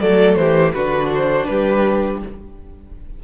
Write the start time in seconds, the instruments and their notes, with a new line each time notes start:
0.00 cello F#3, viola A3, violin A4 D5
0.35 cello E3, violin G4 C5
0.73 cello D3, viola D4, violin F#4 B4
1.14 violin C5
1.46 cello G3, violin G4 B4